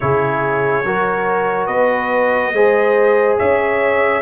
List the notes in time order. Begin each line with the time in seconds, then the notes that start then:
0.00 C#3 E4 G#4 C#5
0.84 F#3 F#4 A#4
1.66 B3 B4 D#5
2.51 G#3 G#4 C5
3.38 C#4 C#5 E5